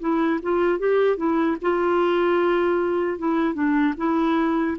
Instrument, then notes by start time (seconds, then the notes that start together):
clarinet
0.00 E4
0.42 F4
0.79 G4
1.17 E4
1.61 F4
3.18 E4
3.54 D4
3.97 E4